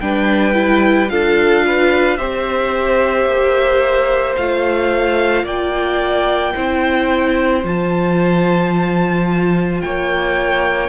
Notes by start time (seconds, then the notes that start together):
0.00 G3 D4 B4 G5
0.53 E4
1.08 D4 F4 A4 F5
1.66 B4
2.16 C4 G4 C5 E5
3.25 A#3
4.36 A3 F4 F5
5.43 A#3 D5 G5
6.54 C4 E4 C5
7.63 F3 F4 A5
9.80 A#3 C#5 G5